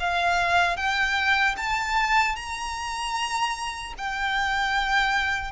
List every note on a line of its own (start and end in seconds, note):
0.00 0.77 F5
0.77 1.56 G5
1.57 2.36 A5
2.36 3.94 A#5
3.98 5.52 G5